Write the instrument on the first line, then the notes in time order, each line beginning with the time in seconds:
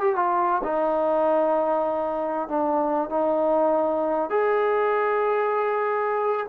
trombone
0.00 G4
0.15 F4
0.63 D#4
2.48 D4
3.09 D#4
4.30 G#4